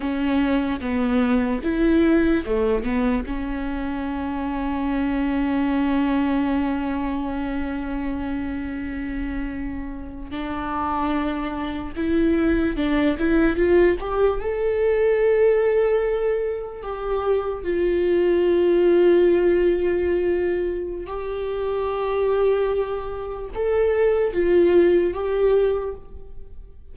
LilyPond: \new Staff \with { instrumentName = "viola" } { \time 4/4 \tempo 4 = 74 cis'4 b4 e'4 a8 b8 | cis'1~ | cis'1~ | cis'8. d'2 e'4 d'16~ |
d'16 e'8 f'8 g'8 a'2~ a'16~ | a'8. g'4 f'2~ f'16~ | f'2 g'2~ | g'4 a'4 f'4 g'4 | }